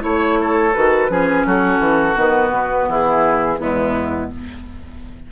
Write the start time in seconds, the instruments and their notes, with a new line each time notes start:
0.00 bassoon A3, clarinet E4, flute C#5, oboe C#5
0.41 oboe A4
0.74 bassoon D#3, clarinet F#4, flute B4
1.09 bassoon F3, clarinet C#4, oboe G#4
1.46 bassoon F#3, oboe F#4, flute A4
1.79 bassoon E3
2.15 bassoon D#3, clarinet B3, flute B4
2.50 bassoon B2
2.88 bassoon E3, oboe E4, flute G#4
3.59 bassoon E2, clarinet G#3, oboe B3, flute E4